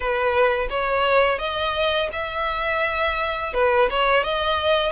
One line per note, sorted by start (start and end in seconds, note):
0.00 0.68 B4
0.69 1.38 C#5
1.38 2.09 D#5
2.12 3.53 E5
3.53 3.89 B4
3.90 4.24 C#5
4.24 4.92 D#5